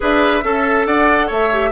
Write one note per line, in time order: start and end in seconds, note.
0.00 0.43 D4
0.00 0.41 G#4
0.00 0.44 B4
0.00 0.86 E5
0.43 0.86 C#4
0.43 1.52 A4
0.43 0.87 A4
0.86 1.29 D4
0.86 1.26 D5
0.86 1.29 F#5
1.26 1.71 A3
1.26 1.70 C#5
1.26 1.71 E5
1.52 1.71 G4